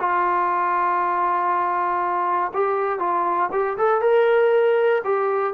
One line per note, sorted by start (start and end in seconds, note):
0.00 2.52 F4
2.54 3.00 G4
3.00 3.50 F4
3.52 3.77 G4
3.78 4.01 A4
4.01 5.02 A#4
5.05 5.54 G4